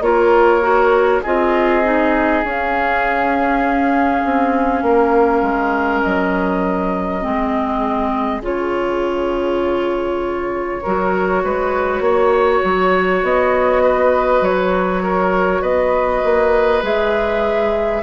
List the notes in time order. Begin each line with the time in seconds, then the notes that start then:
0.00 A#3 F4 A#4 C#5
0.61 F#4
1.22 C4 F4 G#4 D#5
1.83 D#4
2.43 C#4 F5
4.24 C4
4.82 A#3 A#4
5.42 G#3
6.02 F#3 D#5
7.21 G#3 C4 G#4
8.40 C#3 F4 C#5
10.82 F#3 F#4 A#4
11.43 G#3 B4
12.00 A#3 C#5
12.63 F#3
13.22 B3 D#5
13.83 B4
14.41 F#3 C#5
15.03 A#4
15.61 B3 B4 D#5
16.23 A#3
16.82 G#3 G#4 E5